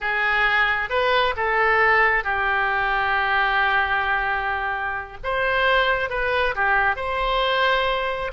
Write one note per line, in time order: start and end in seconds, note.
0.00 0.89 G#4
0.89 1.34 B4
1.36 2.23 A4
2.23 5.17 G4
5.23 6.09 C5
6.09 6.54 B4
6.55 6.96 G4
6.96 8.31 C5